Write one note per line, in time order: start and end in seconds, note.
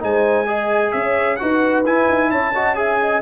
0.00 0.94 G#3
0.00 0.46 D#4
0.00 0.47 C5
0.00 0.92 G#5
0.46 1.38 G#4
0.46 0.93 D#5
0.92 1.40 C#4
0.92 1.40 C#5
0.92 1.36 E5
1.36 1.85 D#4
1.36 1.85 F#4
1.36 2.31 B4
1.36 1.82 F#5
1.85 2.54 E4
1.85 2.08 E4
1.85 2.31 G#5
2.09 2.31 D#4
2.31 3.22 C#4
2.31 2.53 C#5
2.31 2.75 A5
2.54 2.75 F#4
2.54 2.77 D#5
2.75 3.21 G#4
2.75 3.00 E5
2.75 3.21 G#5
3.01 3.22 D#5